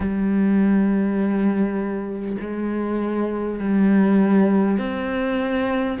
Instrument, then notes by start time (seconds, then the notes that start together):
cello
0.00 G3
2.41 G#3
3.59 G3
4.77 C4